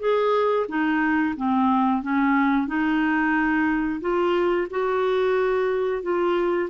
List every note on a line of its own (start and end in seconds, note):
0.00 0.67 G#4
0.69 1.35 D#4
1.37 2.03 C4
2.03 2.68 C#4
2.68 4.01 D#4
4.01 4.68 F4
4.71 6.03 F#4
6.03 6.69 F4